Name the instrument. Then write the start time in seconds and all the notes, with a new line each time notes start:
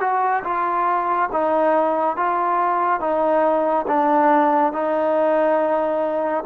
trombone
0.00 F#4
0.43 F4
1.32 D#4
2.16 F4
3.00 D#4
3.87 D4
4.73 D#4